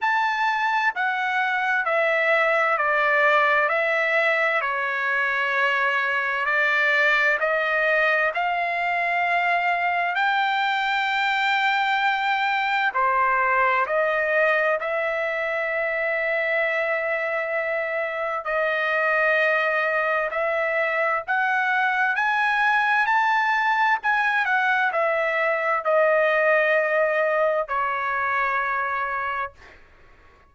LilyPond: \new Staff \with { instrumentName = "trumpet" } { \time 4/4 \tempo 4 = 65 a''4 fis''4 e''4 d''4 | e''4 cis''2 d''4 | dis''4 f''2 g''4~ | g''2 c''4 dis''4 |
e''1 | dis''2 e''4 fis''4 | gis''4 a''4 gis''8 fis''8 e''4 | dis''2 cis''2 | }